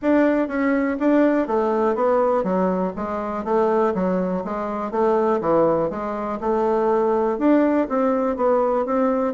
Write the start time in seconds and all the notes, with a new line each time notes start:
0.02 D4
0.47 C#4
0.99 D4
1.47 A3
1.95 B3
2.43 F#3
2.96 G#3
3.44 A3
3.94 F#3
4.44 G#3
4.91 A3
5.40 E3
5.90 G#3
6.40 A3
7.38 D4
7.88 C4
8.36 B3
8.85 C4